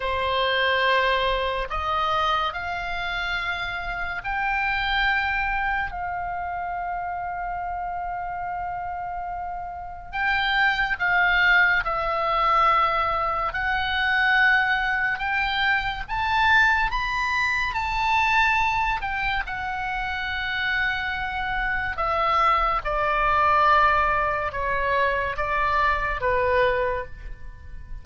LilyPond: \new Staff \with { instrumentName = "oboe" } { \time 4/4 \tempo 4 = 71 c''2 dis''4 f''4~ | f''4 g''2 f''4~ | f''1 | g''4 f''4 e''2 |
fis''2 g''4 a''4 | b''4 a''4. g''8 fis''4~ | fis''2 e''4 d''4~ | d''4 cis''4 d''4 b'4 | }